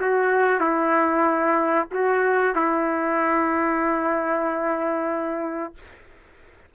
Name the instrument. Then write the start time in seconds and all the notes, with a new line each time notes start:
trumpet
0.00 F#4
0.60 E4
1.91 F#4
2.55 E4